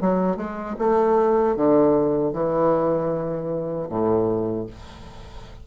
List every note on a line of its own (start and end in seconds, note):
0.00 0.36 F#3
0.36 0.75 G#3
0.78 1.55 A3
1.55 2.32 D3
2.32 3.88 E3
3.89 4.66 A2